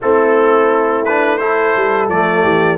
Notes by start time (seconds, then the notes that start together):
0.01 A3 C4 E4 A4
1.04 D4 B4
1.37 E4 A4 C5
1.75 G3
2.08 F3 A3 D5
2.42 E3 G4